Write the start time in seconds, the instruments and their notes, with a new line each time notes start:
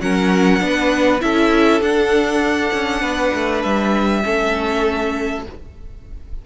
0.00 cello F#3, viola C#4, violin A#4 F#5
0.60 cello B3, viola D4, violin B4
1.20 cello C#4, viola E4, violin A4 E5
1.80 cello D4, viola D4, violin F#5
2.73 cello C#4
3.01 cello B3, violin B4
3.34 cello A3
3.62 cello G3, violin E5
4.23 cello A3, viola C#4, violin A4